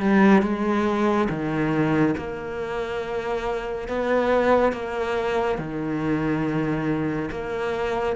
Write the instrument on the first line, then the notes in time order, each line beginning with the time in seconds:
cello
0.00 G3
0.42 G#3
1.29 D#3
2.17 A#3
3.88 B3
4.73 A#3
5.58 D#3
7.31 A#3